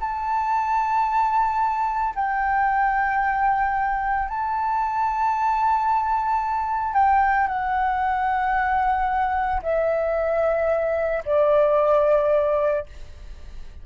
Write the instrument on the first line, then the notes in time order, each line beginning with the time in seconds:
flute
0.00 A5
2.15 G5
4.28 A5
6.94 G5
7.47 F#5
9.62 E5
11.25 D5